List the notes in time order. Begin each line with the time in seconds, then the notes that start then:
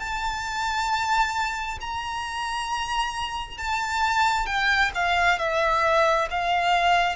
0.00 A5
1.81 A#5
3.58 A5
4.47 G5
4.95 F5
5.39 E5
6.31 F5